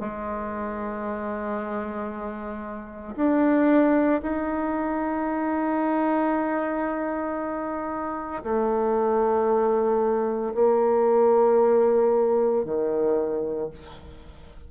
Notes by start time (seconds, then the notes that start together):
0.00 G#3
3.16 D4
4.22 D#4
8.44 A3
10.55 A#3
12.65 D#3